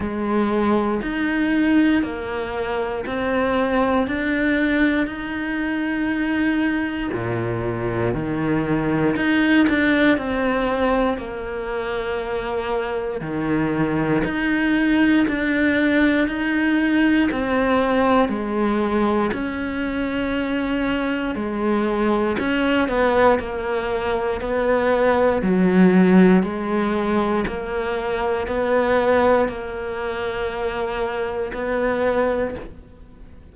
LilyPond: \new Staff \with { instrumentName = "cello" } { \time 4/4 \tempo 4 = 59 gis4 dis'4 ais4 c'4 | d'4 dis'2 ais,4 | dis4 dis'8 d'8 c'4 ais4~ | ais4 dis4 dis'4 d'4 |
dis'4 c'4 gis4 cis'4~ | cis'4 gis4 cis'8 b8 ais4 | b4 fis4 gis4 ais4 | b4 ais2 b4 | }